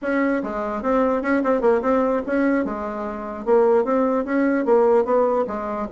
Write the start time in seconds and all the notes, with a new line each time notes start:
0.01 C#4
0.43 G#3
0.82 C4
1.22 C#4
1.43 C4
1.61 A#3
1.81 C4
2.26 C#4
2.65 G#3
3.45 A#3
3.84 C4
4.24 C#4
4.65 A#3
5.04 B3
5.47 G#3